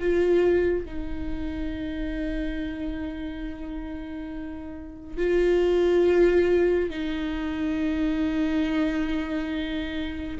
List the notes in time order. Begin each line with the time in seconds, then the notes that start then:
0.00 F4
0.86 D#4
5.17 F4
6.91 D#4